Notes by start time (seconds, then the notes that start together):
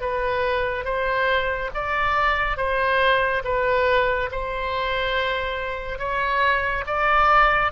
0.00 B4
0.84 C5
1.74 D5
2.57 C5
3.44 B4
4.31 C5
5.98 C#5
6.86 D5